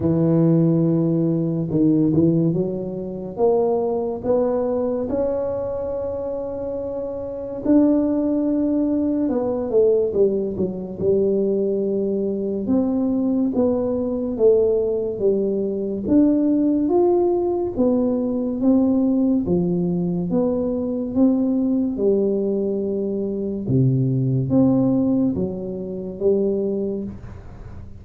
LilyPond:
\new Staff \with { instrumentName = "tuba" } { \time 4/4 \tempo 4 = 71 e2 dis8 e8 fis4 | ais4 b4 cis'2~ | cis'4 d'2 b8 a8 | g8 fis8 g2 c'4 |
b4 a4 g4 d'4 | f'4 b4 c'4 f4 | b4 c'4 g2 | c4 c'4 fis4 g4 | }